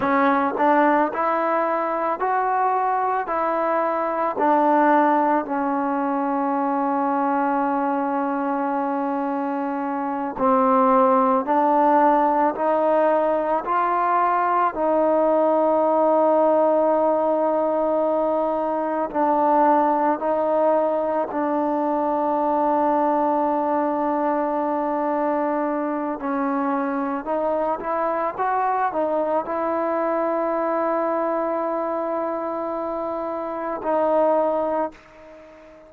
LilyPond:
\new Staff \with { instrumentName = "trombone" } { \time 4/4 \tempo 4 = 55 cis'8 d'8 e'4 fis'4 e'4 | d'4 cis'2.~ | cis'4. c'4 d'4 dis'8~ | dis'8 f'4 dis'2~ dis'8~ |
dis'4. d'4 dis'4 d'8~ | d'1 | cis'4 dis'8 e'8 fis'8 dis'8 e'4~ | e'2. dis'4 | }